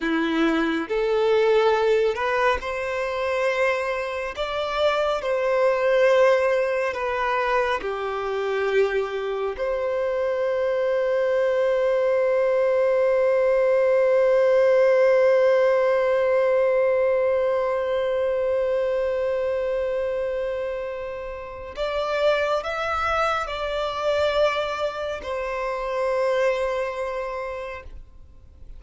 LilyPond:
\new Staff \with { instrumentName = "violin" } { \time 4/4 \tempo 4 = 69 e'4 a'4. b'8 c''4~ | c''4 d''4 c''2 | b'4 g'2 c''4~ | c''1~ |
c''1~ | c''1~ | c''4 d''4 e''4 d''4~ | d''4 c''2. | }